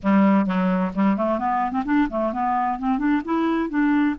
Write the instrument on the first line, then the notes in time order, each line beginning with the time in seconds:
clarinet
0.03 G3
0.46 F#3
0.94 G3
1.16 A3
1.38 B3
1.71 C4
1.85 D4
2.09 A3
2.32 B3
2.78 C4
2.98 D4
3.24 E4
3.69 D4